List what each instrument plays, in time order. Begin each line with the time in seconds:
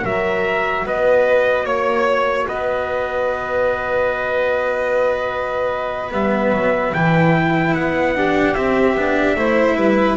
0.00 double bass F#3, cello F#4, violin A#4, trumpet E5
0.85 double bass B3, violin B4, trumpet D#5
1.65 double bass A#3, violin C#5, trumpet C#5
2.47 double bass B3, violin B4, trumpet D#5
6.11 double bass G3, cello B3, trumpet E5
6.52 double bass F#3
6.93 double bass E3, cello E4, trumpet G5
7.74 double bass B3, trumpet F#5
8.15 cello D4, violin G4
8.54 double bass C4, cello C4, trumpet E5
8.94 double bass B3, cello D4
9.35 double bass A3, cello E4, violin C5
9.76 double bass G3, violin B4